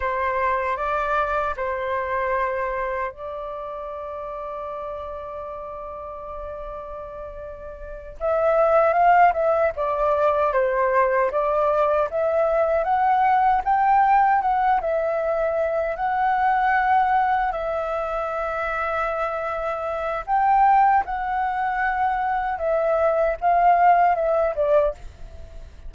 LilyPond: \new Staff \with { instrumentName = "flute" } { \time 4/4 \tempo 4 = 77 c''4 d''4 c''2 | d''1~ | d''2~ d''8 e''4 f''8 | e''8 d''4 c''4 d''4 e''8~ |
e''8 fis''4 g''4 fis''8 e''4~ | e''8 fis''2 e''4.~ | e''2 g''4 fis''4~ | fis''4 e''4 f''4 e''8 d''8 | }